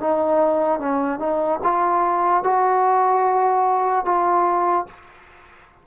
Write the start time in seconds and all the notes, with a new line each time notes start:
0.00 D#4
0.79 C#4
1.19 D#4
1.63 F4
2.44 F#4
4.05 F4